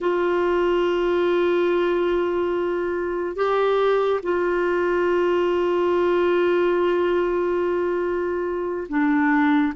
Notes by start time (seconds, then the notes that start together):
0.00 F4
3.36 G4
4.23 F4
8.88 D4